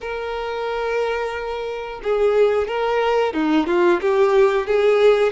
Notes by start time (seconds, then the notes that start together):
0.00 A#4
2.03 G#4
2.67 A#4
3.33 D#4
3.67 F4
4.01 G4
4.66 G#4